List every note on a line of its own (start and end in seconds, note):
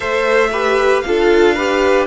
0.00 1.04 A3
0.00 0.49 A4
0.00 0.49 C5
0.00 1.01 E5
0.52 1.04 G4
0.52 1.03 B4
1.01 1.57 F4
1.01 2.04 F5
1.07 2.06 D4
1.07 1.55 A4
1.55 2.06 G4
1.55 2.06 B4